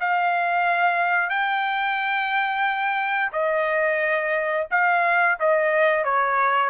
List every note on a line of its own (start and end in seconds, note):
0.00 1.29 F5
1.29 3.32 G5
3.32 4.67 D#5
4.71 5.38 F5
5.40 6.04 D#5
6.04 6.69 C#5